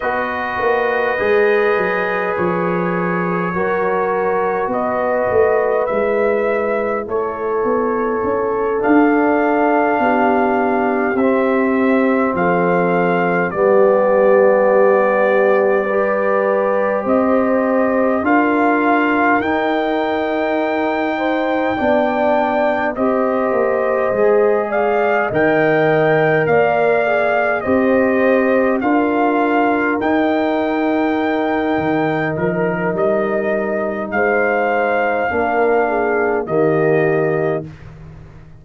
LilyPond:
<<
  \new Staff \with { instrumentName = "trumpet" } { \time 4/4 \tempo 4 = 51 dis''2 cis''2 | dis''4 e''4 cis''4. f''8~ | f''4. e''4 f''4 d''8~ | d''2~ d''8 dis''4 f''8~ |
f''8 g''2. dis''8~ | dis''4 f''8 g''4 f''4 dis''8~ | dis''8 f''4 g''2 ais'8 | dis''4 f''2 dis''4 | }
  \new Staff \with { instrumentName = "horn" } { \time 4/4 b'2. ais'4 | b'2 a'2~ | a'8 g'2 a'4 g'8~ | g'4. b'4 c''4 ais'8~ |
ais'2 c''8 d''4 c''8~ | c''4 d''8 dis''4 d''4 c''8~ | c''8 ais'2.~ ais'8~ | ais'4 c''4 ais'8 gis'8 g'4 | }
  \new Staff \with { instrumentName = "trombone" } { \time 4/4 fis'4 gis'2 fis'4~ | fis'4 e'2~ e'8 d'8~ | d'4. c'2 b8~ | b4. g'2 f'8~ |
f'8 dis'2 d'4 g'8~ | g'8 gis'4 ais'4. gis'8 g'8~ | g'8 f'4 dis'2~ dis'8~ | dis'2 d'4 ais4 | }
  \new Staff \with { instrumentName = "tuba" } { \time 4/4 b8 ais8 gis8 fis8 f4 fis4 | b8 a8 gis4 a8 b8 cis'8 d'8~ | d'8 b4 c'4 f4 g8~ | g2~ g8 c'4 d'8~ |
d'8 dis'2 b4 c'8 | ais8 gis4 dis4 ais4 c'8~ | c'8 d'4 dis'4. dis8 f8 | g4 gis4 ais4 dis4 | }
>>